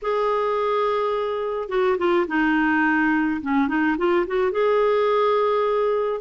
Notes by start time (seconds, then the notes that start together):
0.02 G#4
1.68 F#4
1.98 F4
2.27 D#4
3.41 C#4
3.68 D#4
3.97 F4
4.26 F#4
4.51 G#4